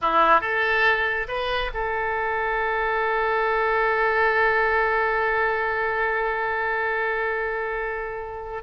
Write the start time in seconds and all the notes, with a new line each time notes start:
0.01 E4
0.40 A4
1.28 B4
1.74 A4